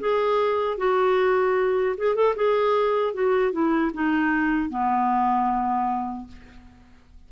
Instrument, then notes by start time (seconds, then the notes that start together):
clarinet
0.00 G#4
0.77 F#4
1.98 G#4
2.15 A4
2.36 G#4
3.14 F#4
3.52 E4
3.94 D#4
4.70 B3